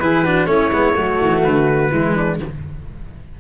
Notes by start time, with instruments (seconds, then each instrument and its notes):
0.00 tuba E3, cello E4, flute G#4, trumpet B4
0.23 cello D4, flute F#4
0.46 tuba A3, cello C#4, flute E4, trumpet C#5
0.71 tuba G#3, cello B3
0.93 tuba F#3, cello A3, flute F#4
1.22 tuba E3
1.44 tuba D3, trumpet B4
1.91 tuba E3, cello G#3, flute E4
2.16 flute D4